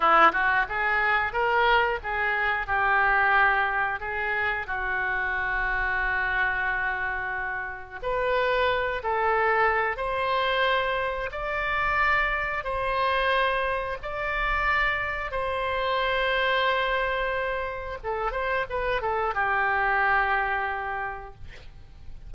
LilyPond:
\new Staff \with { instrumentName = "oboe" } { \time 4/4 \tempo 4 = 90 e'8 fis'8 gis'4 ais'4 gis'4 | g'2 gis'4 fis'4~ | fis'1 | b'4. a'4. c''4~ |
c''4 d''2 c''4~ | c''4 d''2 c''4~ | c''2. a'8 c''8 | b'8 a'8 g'2. | }